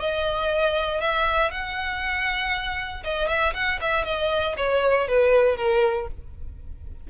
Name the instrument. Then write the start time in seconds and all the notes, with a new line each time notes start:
violin
0.00 D#5
1.01 E5
1.51 F#5
3.04 D#5
3.28 E5
3.54 F#5
3.81 E5
4.04 D#5
4.57 C#5
5.08 B4
5.57 A#4